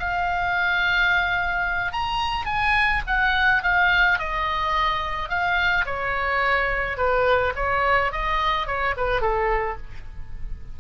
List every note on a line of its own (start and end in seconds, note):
0.00 1.93 F5
1.93 2.46 A#5
2.46 3.02 G#5
3.07 3.63 F#5
3.63 4.19 F5
4.19 5.29 D#5
5.29 5.85 F5
5.86 6.98 C#5
6.98 7.54 B4
7.56 8.12 C#5
8.13 8.67 D#5
8.67 8.95 C#5
8.97 9.22 B4
9.22 9.78 A4